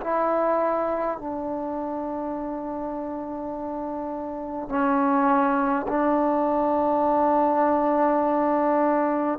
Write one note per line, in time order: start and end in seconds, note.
0.00 1.18 E4
1.18 4.69 D4
4.69 5.87 C#4
5.88 9.39 D4